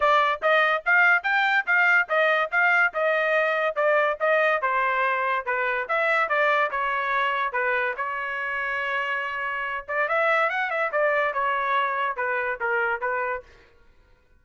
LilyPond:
\new Staff \with { instrumentName = "trumpet" } { \time 4/4 \tempo 4 = 143 d''4 dis''4 f''4 g''4 | f''4 dis''4 f''4 dis''4~ | dis''4 d''4 dis''4 c''4~ | c''4 b'4 e''4 d''4 |
cis''2 b'4 cis''4~ | cis''2.~ cis''8 d''8 | e''4 fis''8 e''8 d''4 cis''4~ | cis''4 b'4 ais'4 b'4 | }